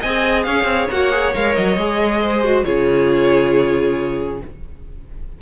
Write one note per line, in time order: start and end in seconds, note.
0.00 0.46 C4
0.00 0.92 G#4
0.00 0.44 D#5
0.00 0.43 G#5
0.43 0.64 C#4
0.43 2.21 C#5
0.43 0.87 F5
0.64 0.86 C4
0.91 1.35 A#3
0.91 1.11 F#4
0.91 1.34 F#5
1.11 1.33 G#4
1.34 1.57 G#3
1.34 1.78 A#4
1.34 1.55 F5
1.55 1.77 F#3
1.55 2.64 D#5
1.77 2.64 G#3
1.77 2.44 G#4
2.22 2.65 C5
2.44 2.65 F#4
2.64 4.41 C#3
2.64 4.40 F4
2.64 4.41 G#4
2.64 4.39 C#5